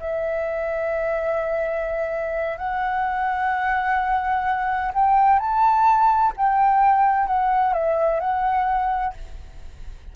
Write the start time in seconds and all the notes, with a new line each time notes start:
0.00 E5
2.58 F#5
4.94 G5
5.39 A5
6.37 G5
7.27 F#5
7.73 E5
8.20 F#5